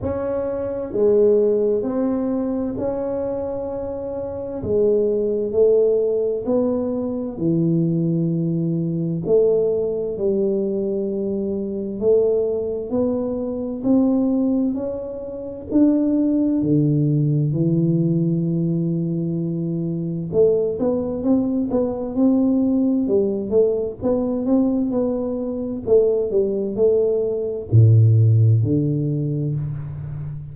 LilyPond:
\new Staff \with { instrumentName = "tuba" } { \time 4/4 \tempo 4 = 65 cis'4 gis4 c'4 cis'4~ | cis'4 gis4 a4 b4 | e2 a4 g4~ | g4 a4 b4 c'4 |
cis'4 d'4 d4 e4~ | e2 a8 b8 c'8 b8 | c'4 g8 a8 b8 c'8 b4 | a8 g8 a4 a,4 d4 | }